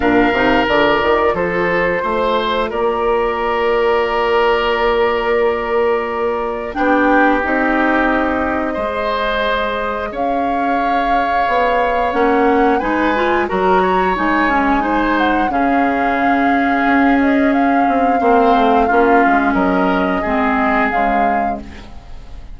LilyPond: <<
  \new Staff \with { instrumentName = "flute" } { \time 4/4 \tempo 4 = 89 f''4 d''4 c''2 | d''1~ | d''2 g''4 dis''4~ | dis''2. f''4~ |
f''2 fis''4 gis''4 | ais''4 gis''4. fis''8 f''4~ | f''4. dis''8 f''2~ | f''4 dis''2 f''4 | }
  \new Staff \with { instrumentName = "oboe" } { \time 4/4 ais'2 a'4 c''4 | ais'1~ | ais'2 g'2~ | g'4 c''2 cis''4~ |
cis''2. b'4 | ais'8 cis''4. c''4 gis'4~ | gis'2. c''4 | f'4 ais'4 gis'2 | }
  \new Staff \with { instrumentName = "clarinet" } { \time 4/4 d'8 dis'8 f'2.~ | f'1~ | f'2 d'4 dis'4~ | dis'4 gis'2.~ |
gis'2 cis'4 dis'8 f'8 | fis'4 dis'8 cis'8 dis'4 cis'4~ | cis'2. c'4 | cis'2 c'4 gis4 | }
  \new Staff \with { instrumentName = "bassoon" } { \time 4/4 ais,8 c8 d8 dis8 f4 a4 | ais1~ | ais2 b4 c'4~ | c'4 gis2 cis'4~ |
cis'4 b4 ais4 gis4 | fis4 gis2 cis4~ | cis4 cis'4. c'8 ais8 a8 | ais8 gis8 fis4 gis4 cis4 | }
>>